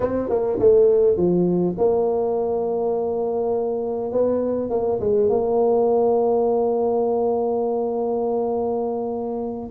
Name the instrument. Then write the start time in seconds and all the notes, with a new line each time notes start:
tuba
0.00 C4
0.29 A#3
0.59 A3
1.16 F3
1.77 A#3
4.12 B3
4.70 A#3
5.00 G#3
5.29 A#3